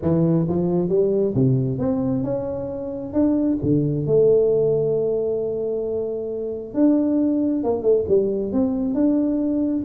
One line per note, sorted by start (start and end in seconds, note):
0.02 0.46 E3
0.48 0.88 F3
0.88 1.33 G3
1.34 1.78 C3
1.78 2.23 C4
2.23 3.13 C#4
3.13 3.58 D4
3.62 4.06 D3
4.06 6.74 A3
6.74 7.63 D4
7.63 7.82 A#3
7.82 8.05 A3
8.08 8.52 G3
8.52 8.94 C4
8.94 9.83 D4